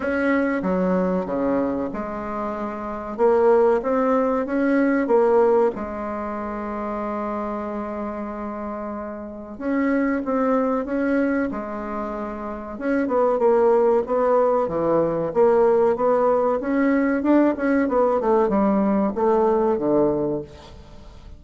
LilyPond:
\new Staff \with { instrumentName = "bassoon" } { \time 4/4 \tempo 4 = 94 cis'4 fis4 cis4 gis4~ | gis4 ais4 c'4 cis'4 | ais4 gis2.~ | gis2. cis'4 |
c'4 cis'4 gis2 | cis'8 b8 ais4 b4 e4 | ais4 b4 cis'4 d'8 cis'8 | b8 a8 g4 a4 d4 | }